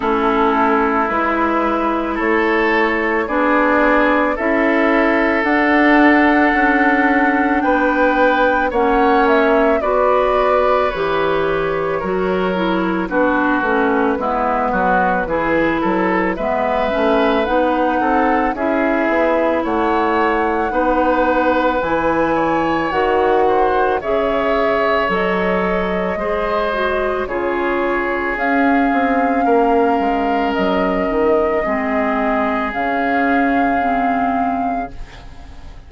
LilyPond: <<
  \new Staff \with { instrumentName = "flute" } { \time 4/4 \tempo 4 = 55 a'4 b'4 cis''4 d''4 | e''4 fis''2 g''4 | fis''8 e''8 d''4 cis''2 | b'2. e''4 |
fis''4 e''4 fis''2 | gis''4 fis''4 e''4 dis''4~ | dis''4 cis''4 f''2 | dis''2 f''2 | }
  \new Staff \with { instrumentName = "oboe" } { \time 4/4 e'2 a'4 gis'4 | a'2. b'4 | cis''4 b'2 ais'4 | fis'4 e'8 fis'8 gis'8 a'8 b'4~ |
b'8 a'8 gis'4 cis''4 b'4~ | b'8 cis''4 c''8 cis''2 | c''4 gis'2 ais'4~ | ais'4 gis'2. | }
  \new Staff \with { instrumentName = "clarinet" } { \time 4/4 cis'4 e'2 d'4 | e'4 d'2. | cis'4 fis'4 g'4 fis'8 e'8 | d'8 cis'8 b4 e'4 b8 cis'8 |
dis'4 e'2 dis'4 | e'4 fis'4 gis'4 a'4 | gis'8 fis'8 f'4 cis'2~ | cis'4 c'4 cis'4 c'4 | }
  \new Staff \with { instrumentName = "bassoon" } { \time 4/4 a4 gis4 a4 b4 | cis'4 d'4 cis'4 b4 | ais4 b4 e4 fis4 | b8 a8 gis8 fis8 e8 fis8 gis8 a8 |
b8 c'8 cis'8 b8 a4 b4 | e4 dis4 cis4 fis4 | gis4 cis4 cis'8 c'8 ais8 gis8 | fis8 dis8 gis4 cis2 | }
>>